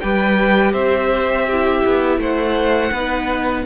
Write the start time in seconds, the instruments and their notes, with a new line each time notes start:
0.00 cello G3, viola G4, violin B4 G5
0.73 cello C4, violin C5 E5
1.46 viola E4, violin G4
1.85 cello B3
2.18 cello A3, violin C5 F#5
2.91 cello B3, viola D#4, violin B4